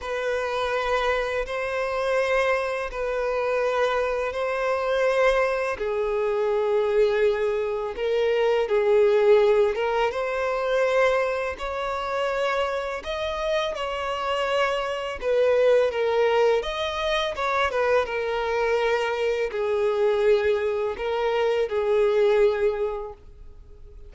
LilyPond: \new Staff \with { instrumentName = "violin" } { \time 4/4 \tempo 4 = 83 b'2 c''2 | b'2 c''2 | gis'2. ais'4 | gis'4. ais'8 c''2 |
cis''2 dis''4 cis''4~ | cis''4 b'4 ais'4 dis''4 | cis''8 b'8 ais'2 gis'4~ | gis'4 ais'4 gis'2 | }